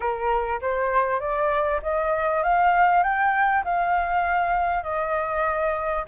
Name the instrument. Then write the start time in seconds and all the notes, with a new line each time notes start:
flute
0.00 A#4
0.61 C5
1.20 D5
1.82 D#5
2.43 F5
3.03 G5
3.64 F5
4.83 D#5